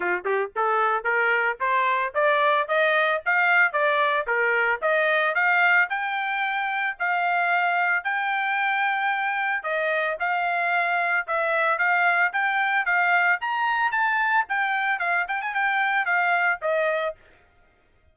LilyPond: \new Staff \with { instrumentName = "trumpet" } { \time 4/4 \tempo 4 = 112 f'8 g'8 a'4 ais'4 c''4 | d''4 dis''4 f''4 d''4 | ais'4 dis''4 f''4 g''4~ | g''4 f''2 g''4~ |
g''2 dis''4 f''4~ | f''4 e''4 f''4 g''4 | f''4 ais''4 a''4 g''4 | f''8 g''16 gis''16 g''4 f''4 dis''4 | }